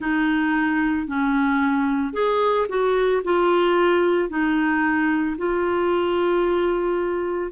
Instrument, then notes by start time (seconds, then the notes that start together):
clarinet
0.00 D#4
1.07 C#4
2.13 G#4
2.68 F#4
3.24 F4
4.29 D#4
5.37 F4